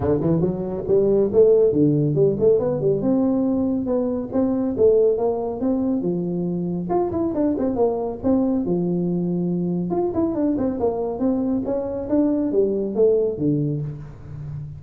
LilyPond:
\new Staff \with { instrumentName = "tuba" } { \time 4/4 \tempo 4 = 139 d8 e8 fis4 g4 a4 | d4 g8 a8 b8 g8 c'4~ | c'4 b4 c'4 a4 | ais4 c'4 f2 |
f'8 e'8 d'8 c'8 ais4 c'4 | f2. f'8 e'8 | d'8 c'8 ais4 c'4 cis'4 | d'4 g4 a4 d4 | }